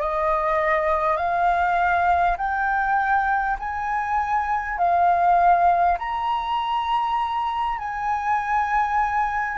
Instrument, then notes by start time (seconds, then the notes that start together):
flute
0.00 D#5
1.17 F5
2.37 G5
3.59 G#5
4.78 F5
5.98 A#5
7.78 G#5